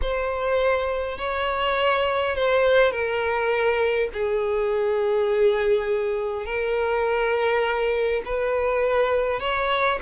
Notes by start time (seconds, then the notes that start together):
0.01 C5
1.18 C#5
2.35 C5
2.91 A#4
4.13 G#4
6.45 A#4
8.25 B4
9.40 C#5